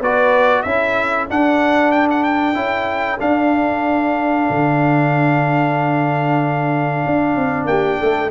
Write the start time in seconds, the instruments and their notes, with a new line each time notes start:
0.00 tuba B3, trombone F#4, horn B4, trumpet D5
0.62 tuba C#4, trombone E4, horn A4, trumpet E5
1.29 tuba D4, trombone D4, trumpet F#5
1.91 trumpet G5
2.10 trumpet F#5
2.23 trumpet G5
2.54 tuba C#4, trombone E4
3.19 trombone D4, tuba D4, trumpet F5
4.49 tuba D3
7.06 tuba D4
7.36 tuba C4
7.65 tuba A#3, horn G4, trumpet G5
7.99 tuba A3, horn A4